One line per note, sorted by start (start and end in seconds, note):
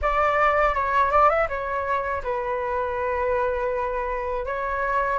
0.01 0.74 D5
0.74 1.11 C#5
1.11 1.29 D5
1.29 1.47 E5
1.48 2.22 C#5
2.23 4.45 B4
4.45 5.19 C#5